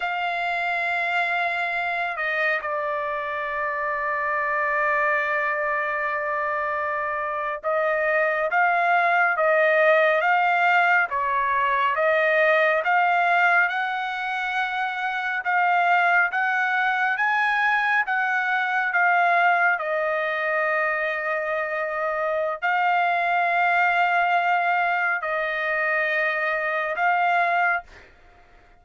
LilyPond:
\new Staff \with { instrumentName = "trumpet" } { \time 4/4 \tempo 4 = 69 f''2~ f''8 dis''8 d''4~ | d''1~ | d''8. dis''4 f''4 dis''4 f''16~ | f''8. cis''4 dis''4 f''4 fis''16~ |
fis''4.~ fis''16 f''4 fis''4 gis''16~ | gis''8. fis''4 f''4 dis''4~ dis''16~ | dis''2 f''2~ | f''4 dis''2 f''4 | }